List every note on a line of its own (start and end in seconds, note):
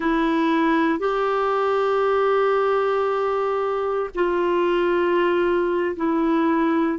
0.00 0.99 E4
0.99 4.09 G4
4.14 5.95 F4
5.96 6.98 E4